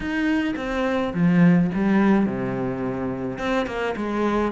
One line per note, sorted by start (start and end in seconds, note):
0.00 0.54 D#4
0.56 1.13 C4
1.14 1.70 F3
1.74 2.26 G3
2.26 3.38 C3
3.38 3.66 C4
3.66 3.94 A#3
3.96 4.52 G#3